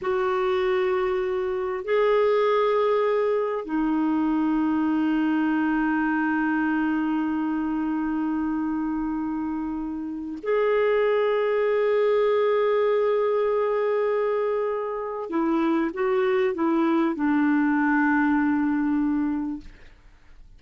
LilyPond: \new Staff \with { instrumentName = "clarinet" } { \time 4/4 \tempo 4 = 98 fis'2. gis'4~ | gis'2 dis'2~ | dis'1~ | dis'1~ |
dis'4 gis'2.~ | gis'1~ | gis'4 e'4 fis'4 e'4 | d'1 | }